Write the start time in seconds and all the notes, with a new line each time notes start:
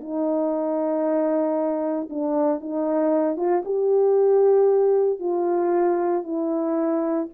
0.00 D#4
2.10 D4
2.61 D#4
3.37 F4
3.65 G4
5.19 F4
6.23 E4